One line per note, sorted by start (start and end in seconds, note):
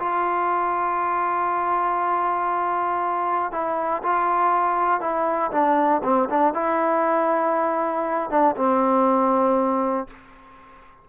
0.00 3.52 F4
3.52 4.03 E4
4.03 5.01 F4
5.01 5.51 E4
5.52 6.02 D4
6.04 6.29 C4
6.30 6.54 D4
6.54 8.31 E4
8.31 8.56 D4
8.56 10.08 C4